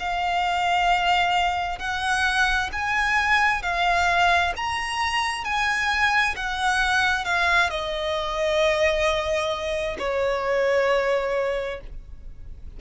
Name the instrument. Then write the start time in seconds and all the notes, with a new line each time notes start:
violin
0.00 F5
1.79 F#5
2.73 G#5
3.63 F5
4.57 A#5
5.45 G#5
6.36 F#5
7.25 F5
7.70 D#5
9.99 C#5